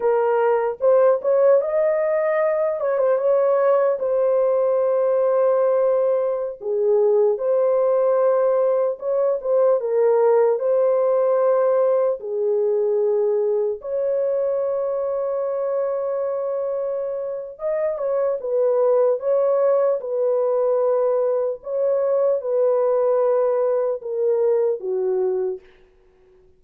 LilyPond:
\new Staff \with { instrumentName = "horn" } { \time 4/4 \tempo 4 = 75 ais'4 c''8 cis''8 dis''4. cis''16 c''16 | cis''4 c''2.~ | c''16 gis'4 c''2 cis''8 c''16~ | c''16 ais'4 c''2 gis'8.~ |
gis'4~ gis'16 cis''2~ cis''8.~ | cis''2 dis''8 cis''8 b'4 | cis''4 b'2 cis''4 | b'2 ais'4 fis'4 | }